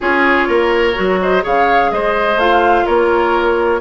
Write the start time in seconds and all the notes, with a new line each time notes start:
0.00 C#4 F4 G#4 C#5
0.48 A#3 A#4
0.94 F#3 F#4
1.20 C5 D#5
1.41 C#3 G#4 C#5 F5
1.91 G#3 C5 D#5
2.36 A3 F4 F5
2.85 A#3 A#4 C#5